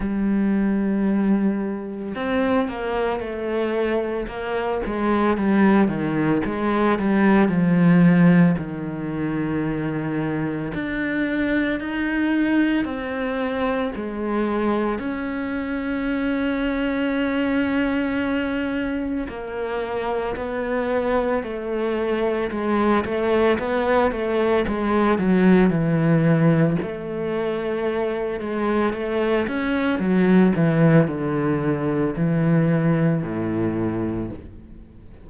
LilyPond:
\new Staff \with { instrumentName = "cello" } { \time 4/4 \tempo 4 = 56 g2 c'8 ais8 a4 | ais8 gis8 g8 dis8 gis8 g8 f4 | dis2 d'4 dis'4 | c'4 gis4 cis'2~ |
cis'2 ais4 b4 | a4 gis8 a8 b8 a8 gis8 fis8 | e4 a4. gis8 a8 cis'8 | fis8 e8 d4 e4 a,4 | }